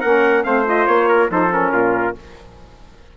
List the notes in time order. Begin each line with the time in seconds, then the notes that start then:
0.00 A#3 C#4 A#4 F#5
0.43 A3 C4 C5 F5
0.65 F4 D#5
0.86 A#3 C#5
1.08 A#4
1.29 F3 D#4 A4 C5
1.50 C#4 A#4
1.72 A#2 F4